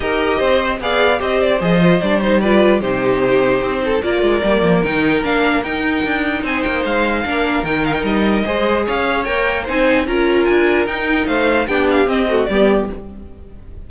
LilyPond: <<
  \new Staff \with { instrumentName = "violin" } { \time 4/4 \tempo 4 = 149 dis''2 f''4 dis''8 d''8 | dis''4 d''8 c''8 d''4 c''4~ | c''2 d''2 | g''4 f''4 g''2 |
gis''8 g''8 f''2 g''8 f''16 g''16 | dis''2 f''4 g''4 | gis''4 ais''4 gis''4 g''4 | f''4 g''8 f''8 dis''4 d''4 | }
  \new Staff \with { instrumentName = "violin" } { \time 4/4 ais'4 c''4 d''4 c''4~ | c''2 b'4 g'4~ | g'4. a'8 ais'2~ | ais'1 |
c''2 ais'2~ | ais'4 c''4 cis''2 | c''4 ais'2. | c''4 g'4. fis'8 g'4 | }
  \new Staff \with { instrumentName = "viola" } { \time 4/4 g'2 gis'4 g'4 | gis'8 f'8 d'8 dis'8 f'4 dis'4~ | dis'2 f'4 ais4 | dis'4 d'4 dis'2~ |
dis'2 d'4 dis'4~ | dis'4 gis'2 ais'4 | dis'4 f'2 dis'4~ | dis'4 d'4 c'8 a8 b4 | }
  \new Staff \with { instrumentName = "cello" } { \time 4/4 dis'4 c'4 b4 c'4 | f4 g2 c4~ | c4 c'4 ais8 gis8 g8 f8 | dis4 ais4 dis'4 d'4 |
c'8 ais8 gis4 ais4 dis4 | g4 gis4 cis'4 ais4 | c'4 cis'4 d'4 dis'4 | a4 b4 c'4 g4 | }
>>